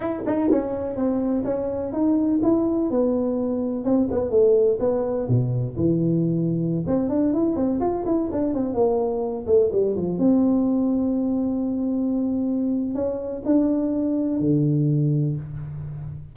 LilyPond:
\new Staff \with { instrumentName = "tuba" } { \time 4/4 \tempo 4 = 125 e'8 dis'8 cis'4 c'4 cis'4 | dis'4 e'4 b2 | c'8 b8 a4 b4 b,4 | e2~ e16 c'8 d'8 e'8 c'16~ |
c'16 f'8 e'8 d'8 c'8 ais4. a16~ | a16 g8 f8 c'2~ c'8.~ | c'2. cis'4 | d'2 d2 | }